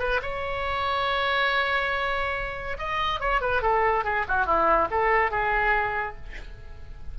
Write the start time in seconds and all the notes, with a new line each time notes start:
0.00 B4
0.23 C#5
2.79 D#5
3.21 C#5
3.42 B4
3.62 A4
4.05 G#4
4.29 F#4
4.46 E4
4.91 A4
5.32 G#4